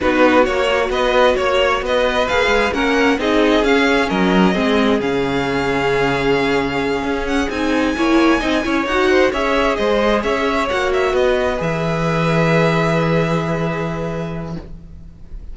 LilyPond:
<<
  \new Staff \with { instrumentName = "violin" } { \time 4/4 \tempo 4 = 132 b'4 cis''4 dis''4 cis''4 | dis''4 f''4 fis''4 dis''4 | f''4 dis''2 f''4~ | f''1 |
fis''8 gis''2. fis''8~ | fis''8 e''4 dis''4 e''4 fis''8 | e''8 dis''4 e''2~ e''8~ | e''1 | }
  \new Staff \with { instrumentName = "violin" } { \time 4/4 fis'2 b'4 cis''4 | b'2 ais'4 gis'4~ | gis'4 ais'4 gis'2~ | gis'1~ |
gis'4. cis''4 dis''8 cis''4 | c''8 cis''4 c''4 cis''4.~ | cis''8 b'2.~ b'8~ | b'1 | }
  \new Staff \with { instrumentName = "viola" } { \time 4/4 dis'4 fis'2.~ | fis'4 gis'4 cis'4 dis'4 | cis'2 c'4 cis'4~ | cis'1~ |
cis'8 dis'4 e'4 dis'8 e'8 fis'8~ | fis'8 gis'2. fis'8~ | fis'4. gis'2~ gis'8~ | gis'1 | }
  \new Staff \with { instrumentName = "cello" } { \time 4/4 b4 ais4 b4 ais4 | b4 ais8 gis8 ais4 c'4 | cis'4 fis4 gis4 cis4~ | cis2.~ cis8 cis'8~ |
cis'8 c'4 ais4 c'8 cis'8 dis'8~ | dis'8 cis'4 gis4 cis'4 ais8~ | ais8 b4 e2~ e8~ | e1 | }
>>